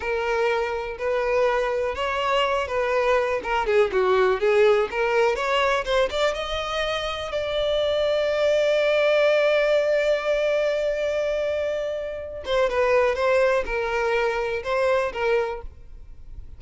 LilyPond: \new Staff \with { instrumentName = "violin" } { \time 4/4 \tempo 4 = 123 ais'2 b'2 | cis''4. b'4. ais'8 gis'8 | fis'4 gis'4 ais'4 cis''4 | c''8 d''8 dis''2 d''4~ |
d''1~ | d''1~ | d''4. c''8 b'4 c''4 | ais'2 c''4 ais'4 | }